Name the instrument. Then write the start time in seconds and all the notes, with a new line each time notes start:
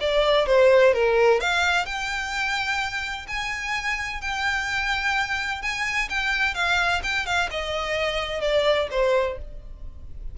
violin
0.00 D5
0.46 C5
0.94 A#4
1.40 F5
1.86 G5
3.27 G#5
4.21 G5
5.62 G#5
6.09 G5
6.54 F5
7.03 G5
7.26 F5
7.50 D#5
8.41 D5
8.91 C5